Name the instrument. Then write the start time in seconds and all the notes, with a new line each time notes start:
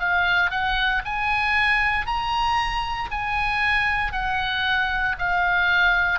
oboe
0.00 F5
0.51 F#5
1.05 G#5
2.06 A#5
3.12 G#5
4.13 F#5
5.19 F5